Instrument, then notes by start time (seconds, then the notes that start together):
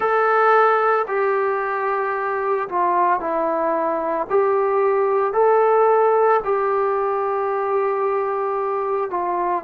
trombone
0.00 A4
1.07 G4
2.68 F4
3.19 E4
4.29 G4
5.33 A4
6.44 G4
9.10 F4